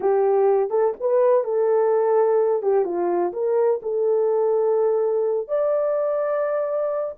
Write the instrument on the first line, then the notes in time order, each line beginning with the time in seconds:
horn
0.00 G4
0.69 A4
1.00 B4
1.44 A4
2.62 G4
2.84 F4
3.32 A#4
3.82 A4
5.48 D5